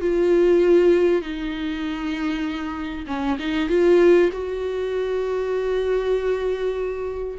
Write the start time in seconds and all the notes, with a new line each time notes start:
0.00 F4
1.21 D#4
3.07 C#4
3.38 D#4
3.69 F4
4.32 F#4